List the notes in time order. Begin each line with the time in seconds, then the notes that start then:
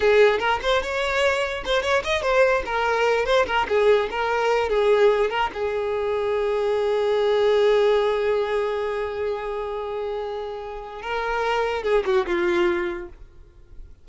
0.00 G#4
0.39 A#4
0.62 C5
0.82 C#5
1.65 C5
1.82 C#5
2.04 D#5
2.22 C5
2.65 A#4
3.25 C5
3.46 A#4
3.68 G#4
4.10 A#4
4.69 G#4
5.30 A#4
5.53 G#4
11.01 A#4
11.83 G#4
12.05 F#4
12.26 F4